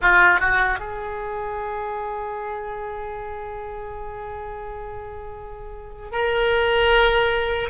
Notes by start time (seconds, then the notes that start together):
0.01 F4
0.39 F#4
0.79 G#4
6.11 A#4